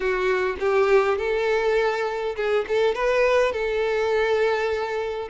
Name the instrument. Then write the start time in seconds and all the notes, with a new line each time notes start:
violin
0.00 F#4
0.59 G4
1.18 A4
2.35 G#4
2.68 A4
2.94 B4
3.52 A4